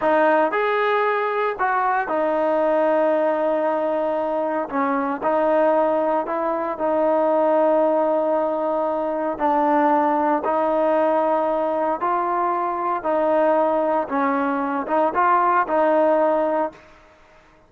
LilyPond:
\new Staff \with { instrumentName = "trombone" } { \time 4/4 \tempo 4 = 115 dis'4 gis'2 fis'4 | dis'1~ | dis'4 cis'4 dis'2 | e'4 dis'2.~ |
dis'2 d'2 | dis'2. f'4~ | f'4 dis'2 cis'4~ | cis'8 dis'8 f'4 dis'2 | }